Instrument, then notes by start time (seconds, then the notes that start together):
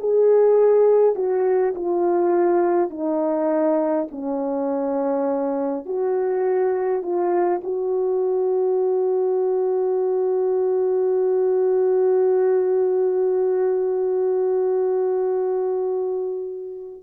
horn
0.00 G#4
1.16 F#4
1.75 F4
2.90 D#4
4.11 C#4
5.86 F#4
7.03 F4
7.64 F#4